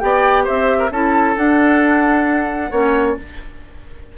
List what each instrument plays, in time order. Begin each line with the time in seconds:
0.00 bassoon B3, clarinet G4, oboe D5, flute G5
0.44 bassoon C4, oboe C5, flute E5
0.79 oboe A#4
0.91 bassoon C#4, clarinet E4, oboe A4, flute A5
1.37 clarinet D4, bassoon D4, flute F#5
2.71 bassoon A#3, clarinet C#4, oboe C#5